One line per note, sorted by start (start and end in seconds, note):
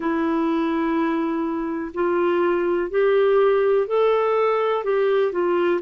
0.00 1.91 E4
1.94 2.90 F4
2.90 3.87 G4
3.87 4.83 A4
4.83 5.32 G4
5.32 5.80 F4